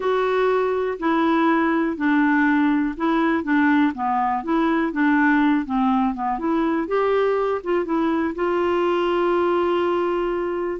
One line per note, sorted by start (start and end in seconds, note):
0.00 0.97 F#4
0.99 1.96 E4
1.96 2.95 D4
2.96 3.43 E4
3.43 3.92 D4
3.94 4.43 B3
4.43 4.92 E4
4.92 5.65 D4
5.65 6.14 C4
6.14 6.38 B3
6.38 6.87 E4
6.87 7.61 G4
7.63 7.85 F4
7.85 8.34 E4
8.35 10.80 F4